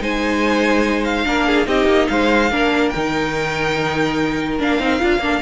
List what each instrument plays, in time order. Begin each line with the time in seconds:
0.00 cello G#3, viola D#4, violin C5 G#5
1.04 violin F5
1.25 cello A#3, viola D4, violin A#4
1.47 violin G#4
1.65 cello C4, viola D#4, violin G4 D#5
1.85 cello A#3
2.07 cello G#3, violin C5 F5
2.51 cello A#3, viola D4, violin A#4
2.89 violin G5
2.95 cello D#3, viola D#4
4.59 cello A#3, viola D4, violin F5
4.79 cello C4, viola D#4
4.99 cello D4, viola F4
5.18 cello A#3, viola D4, violin A4